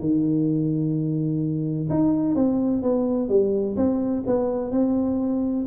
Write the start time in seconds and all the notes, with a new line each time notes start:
0.00 D#3
1.90 D#4
2.36 C4
2.83 B3
3.29 G3
3.77 C4
4.27 B3
4.72 C4